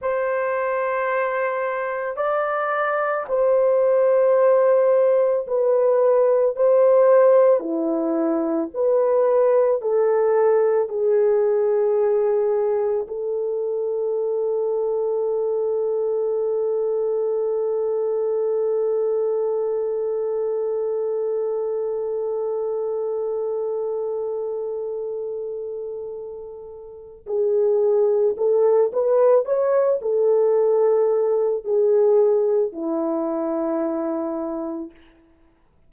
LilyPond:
\new Staff \with { instrumentName = "horn" } { \time 4/4 \tempo 4 = 55 c''2 d''4 c''4~ | c''4 b'4 c''4 e'4 | b'4 a'4 gis'2 | a'1~ |
a'1~ | a'1~ | a'4 gis'4 a'8 b'8 cis''8 a'8~ | a'4 gis'4 e'2 | }